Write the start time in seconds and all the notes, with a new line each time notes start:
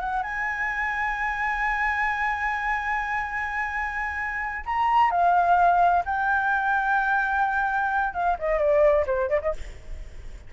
0.00 F#5
0.23 G#5
4.66 A#5
5.11 F5
6.05 G5
8.14 F5
8.39 D#5
8.59 D5
9.07 C5
9.29 D5
9.42 D#5